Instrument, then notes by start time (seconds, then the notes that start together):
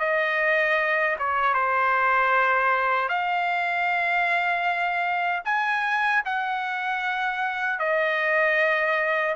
trumpet
0.00 D#5
1.19 C#5
1.54 C5
3.09 F5
5.45 G#5
6.26 F#5
7.80 D#5